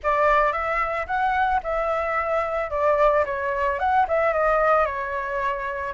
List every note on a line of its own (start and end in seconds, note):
0.03 0.52 D5
0.52 1.06 E5
1.07 1.61 F#5
1.63 2.70 E5
2.70 3.24 D5
3.25 3.79 C#5
3.79 4.06 F#5
4.07 4.33 E5
4.33 4.85 D#5
4.85 5.93 C#5